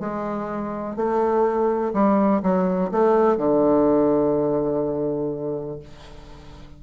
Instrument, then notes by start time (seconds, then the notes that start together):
bassoon
0.00 G#3
0.96 A3
1.94 G3
2.43 F#3
2.92 A3
3.38 D3